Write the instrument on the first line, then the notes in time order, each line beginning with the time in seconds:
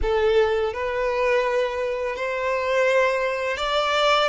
violin
0.02 A4
0.73 B4
2.16 C5
3.57 D5